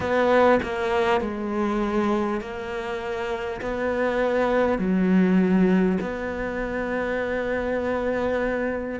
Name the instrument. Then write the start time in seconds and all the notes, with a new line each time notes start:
cello
0.00 B3
0.62 A#3
1.20 G#3
2.40 A#3
3.61 B3
4.78 F#3
6.00 B3